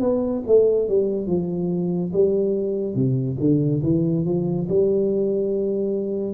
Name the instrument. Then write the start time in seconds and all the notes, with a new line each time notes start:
tuba
0.00 B3
0.46 A3
0.88 G3
1.27 F3
2.13 G3
2.95 C3
3.39 D3
3.83 E3
4.25 F3
4.69 G3